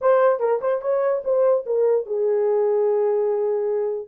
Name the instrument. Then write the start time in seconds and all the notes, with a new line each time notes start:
horn
0.01 C5
0.39 A#4
0.61 C5
0.81 C#5
1.24 C5
1.65 A#4
2.05 G#4